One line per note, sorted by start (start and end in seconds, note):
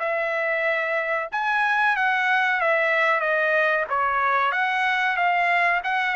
0.00 1.29 E5
1.32 1.96 G#5
1.96 2.61 F#5
2.61 3.21 E5
3.21 3.85 D#5
3.90 4.52 C#5
4.52 5.17 F#5
5.17 5.81 F5
5.84 6.16 F#5